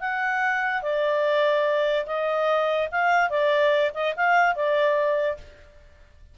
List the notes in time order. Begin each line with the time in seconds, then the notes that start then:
0.00 F#5
0.82 D5
2.06 D#5
2.91 F5
3.30 D5
3.94 D#5
4.16 F5
4.55 D5